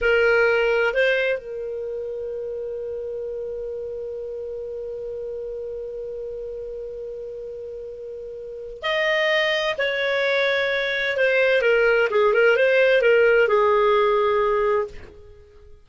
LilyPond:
\new Staff \with { instrumentName = "clarinet" } { \time 4/4 \tempo 4 = 129 ais'2 c''4 ais'4~ | ais'1~ | ais'1~ | ais'1~ |
ais'2. dis''4~ | dis''4 cis''2. | c''4 ais'4 gis'8 ais'8 c''4 | ais'4 gis'2. | }